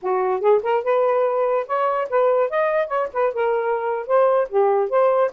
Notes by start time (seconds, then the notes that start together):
0.02 F#4
0.40 G#4
0.62 A#4
0.83 B4
1.66 C#5
2.09 B4
2.50 D#5
2.87 C#5
3.13 B4
3.33 A#4
4.06 C5
4.49 G4
4.89 C5